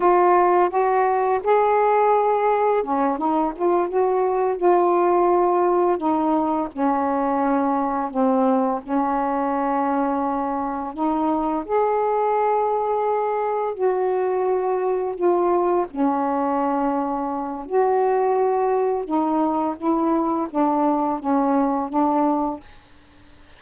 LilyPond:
\new Staff \with { instrumentName = "saxophone" } { \time 4/4 \tempo 4 = 85 f'4 fis'4 gis'2 | cis'8 dis'8 f'8 fis'4 f'4.~ | f'8 dis'4 cis'2 c'8~ | c'8 cis'2. dis'8~ |
dis'8 gis'2. fis'8~ | fis'4. f'4 cis'4.~ | cis'4 fis'2 dis'4 | e'4 d'4 cis'4 d'4 | }